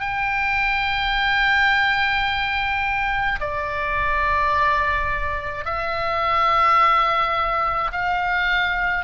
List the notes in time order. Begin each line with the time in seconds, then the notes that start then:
0.00 G5
3.40 D5
5.64 E5
7.92 F5